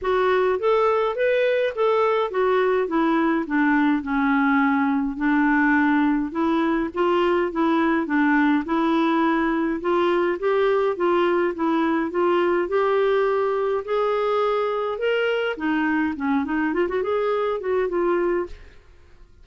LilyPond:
\new Staff \with { instrumentName = "clarinet" } { \time 4/4 \tempo 4 = 104 fis'4 a'4 b'4 a'4 | fis'4 e'4 d'4 cis'4~ | cis'4 d'2 e'4 | f'4 e'4 d'4 e'4~ |
e'4 f'4 g'4 f'4 | e'4 f'4 g'2 | gis'2 ais'4 dis'4 | cis'8 dis'8 f'16 fis'16 gis'4 fis'8 f'4 | }